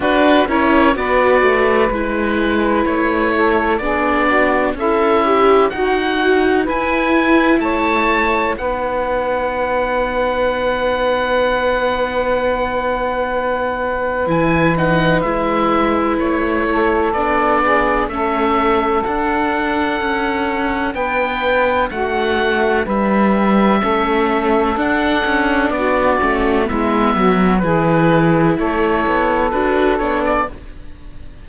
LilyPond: <<
  \new Staff \with { instrumentName = "oboe" } { \time 4/4 \tempo 4 = 63 b'8 cis''8 d''4 b'4 cis''4 | d''4 e''4 fis''4 gis''4 | a''4 fis''2.~ | fis''2. gis''8 fis''8 |
e''4 cis''4 d''4 e''4 | fis''2 g''4 fis''4 | e''2 fis''4 d''4 | e''4 b'4 cis''4 b'8 cis''16 d''16 | }
  \new Staff \with { instrumentName = "saxophone" } { \time 4/4 fis'8 ais'8 b'2~ b'8 a'8 | gis'8 fis'8 e'4 fis'4 b'4 | cis''4 b'2.~ | b'1~ |
b'4. a'4 gis'8 a'4~ | a'2 b'4 fis'4 | b'4 a'2 fis'4 | e'8 fis'8 gis'4 a'2 | }
  \new Staff \with { instrumentName = "viola" } { \time 4/4 d'8 e'8 fis'4 e'2 | d'4 a'8 g'8 fis'4 e'4~ | e'4 dis'2.~ | dis'2. e'8 dis'8 |
e'2 d'4 cis'4 | d'1~ | d'4 cis'4 d'4. cis'8 | b4 e'2 fis'8 d'8 | }
  \new Staff \with { instrumentName = "cello" } { \time 4/4 d'8 cis'8 b8 a8 gis4 a4 | b4 cis'4 dis'4 e'4 | a4 b2.~ | b2. e4 |
gis4 a4 b4 a4 | d'4 cis'4 b4 a4 | g4 a4 d'8 cis'8 b8 a8 | gis8 fis8 e4 a8 b8 d'8 b8 | }
>>